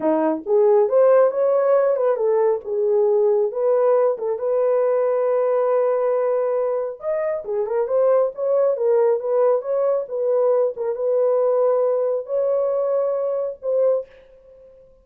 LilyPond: \new Staff \with { instrumentName = "horn" } { \time 4/4 \tempo 4 = 137 dis'4 gis'4 c''4 cis''4~ | cis''8 b'8 a'4 gis'2 | b'4. a'8 b'2~ | b'1 |
dis''4 gis'8 ais'8 c''4 cis''4 | ais'4 b'4 cis''4 b'4~ | b'8 ais'8 b'2. | cis''2. c''4 | }